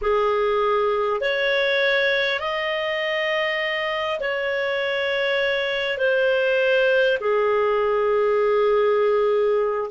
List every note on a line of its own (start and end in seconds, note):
0.01 1.20 G#4
1.20 2.39 C#5
2.39 4.19 D#5
4.19 5.97 C#5
5.97 7.17 C5
7.20 9.90 G#4